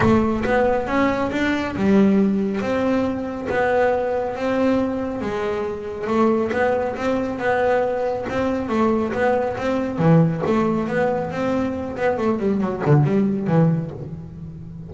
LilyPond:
\new Staff \with { instrumentName = "double bass" } { \time 4/4 \tempo 4 = 138 a4 b4 cis'4 d'4 | g2 c'2 | b2 c'2 | gis2 a4 b4 |
c'4 b2 c'4 | a4 b4 c'4 e4 | a4 b4 c'4. b8 | a8 g8 fis8 d8 g4 e4 | }